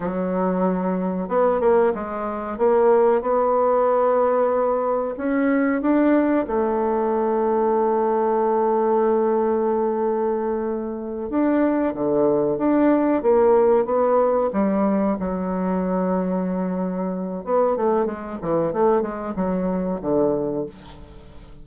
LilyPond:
\new Staff \with { instrumentName = "bassoon" } { \time 4/4 \tempo 4 = 93 fis2 b8 ais8 gis4 | ais4 b2. | cis'4 d'4 a2~ | a1~ |
a4. d'4 d4 d'8~ | d'8 ais4 b4 g4 fis8~ | fis2. b8 a8 | gis8 e8 a8 gis8 fis4 d4 | }